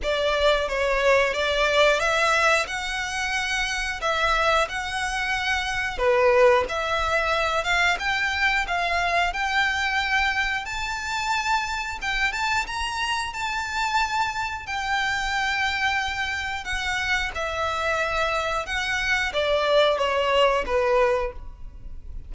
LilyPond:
\new Staff \with { instrumentName = "violin" } { \time 4/4 \tempo 4 = 90 d''4 cis''4 d''4 e''4 | fis''2 e''4 fis''4~ | fis''4 b'4 e''4. f''8 | g''4 f''4 g''2 |
a''2 g''8 a''8 ais''4 | a''2 g''2~ | g''4 fis''4 e''2 | fis''4 d''4 cis''4 b'4 | }